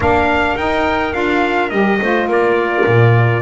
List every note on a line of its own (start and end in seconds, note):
0.00 0.55 A#3
0.00 0.57 D4
0.00 1.99 A#4
0.00 0.57 F5
0.55 1.12 D#4
0.55 1.13 G5
1.12 1.71 D4
1.12 1.70 F4
1.12 1.70 F5
1.70 1.99 G3
1.70 1.99 G4
1.70 2.27 D#5
2.00 2.27 A3
2.00 3.42 F4
2.00 2.28 C5
2.27 2.84 A#3
2.27 3.42 A#4
2.27 3.42 D5
2.86 3.42 A#2